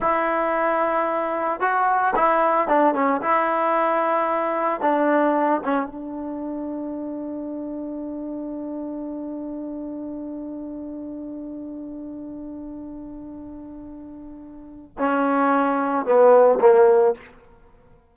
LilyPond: \new Staff \with { instrumentName = "trombone" } { \time 4/4 \tempo 4 = 112 e'2. fis'4 | e'4 d'8 cis'8 e'2~ | e'4 d'4. cis'8 d'4~ | d'1~ |
d'1~ | d'1~ | d'1 | cis'2 b4 ais4 | }